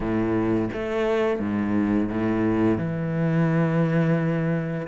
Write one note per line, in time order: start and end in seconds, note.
0.00 0.68 A2
0.73 1.39 A3
1.39 2.09 G#2
2.09 2.77 A2
2.77 4.87 E3